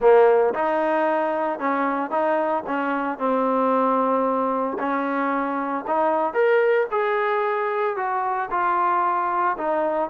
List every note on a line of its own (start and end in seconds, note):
0.00 0.54 A#3
0.54 1.59 D#4
1.59 2.10 C#4
2.10 2.63 D#4
2.66 3.18 C#4
3.18 4.77 C4
4.78 5.85 C#4
5.87 6.33 D#4
6.33 6.86 A#4
6.91 7.96 G#4
7.96 8.49 F#4
8.50 9.56 F4
9.57 10.09 D#4